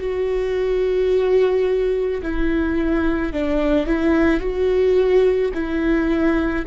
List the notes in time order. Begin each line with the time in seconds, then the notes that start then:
0.00 F#4
2.23 E4
3.33 D4
3.87 E4
4.40 F#4
5.55 E4